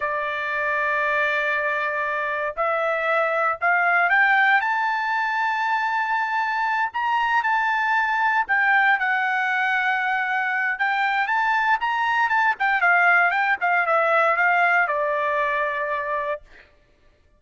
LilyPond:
\new Staff \with { instrumentName = "trumpet" } { \time 4/4 \tempo 4 = 117 d''1~ | d''4 e''2 f''4 | g''4 a''2.~ | a''4. ais''4 a''4.~ |
a''8 g''4 fis''2~ fis''8~ | fis''4 g''4 a''4 ais''4 | a''8 g''8 f''4 g''8 f''8 e''4 | f''4 d''2. | }